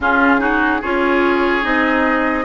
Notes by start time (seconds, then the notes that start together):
0.00 C#3 C#4 F4 G#4
0.39 D#4 F#4
0.81 C#4 F4 G#4 C#5
1.62 C4 D#4 D#5